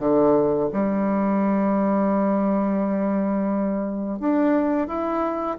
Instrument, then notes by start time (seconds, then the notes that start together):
bassoon
0.00 D3
0.73 G3
4.20 D4
4.88 E4